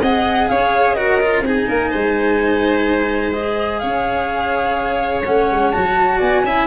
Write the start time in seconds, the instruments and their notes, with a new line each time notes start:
0.00 tuba C4, cello G#4, violin D#5, flute F#5
0.49 tuba C#4, violin C#5, flute F5
0.94 cello F#4, violin A#4, flute D#5
1.21 cello F4
1.41 tuba C4, cello D#4, violin G#4, flute G#5
1.68 tuba A#3, violin A#4
1.90 tuba G#3, violin C5
3.32 cello G#4, flute D#5
3.79 tuba C#4, violin C#5, flute F5
5.25 tuba A3, cello C#4, flute F#5
5.51 tuba G#3
5.71 tuba F#3, cello F#4, flute A5
6.17 tuba B3, violin D5, flute G#5
6.44 tuba C#4, cello E4, violin E5